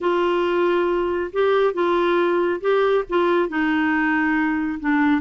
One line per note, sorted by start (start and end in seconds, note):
0.00 1.31 F4
1.32 1.73 G4
1.73 2.60 F4
2.60 3.04 G4
3.09 3.49 F4
3.49 4.79 D#4
4.79 5.21 D4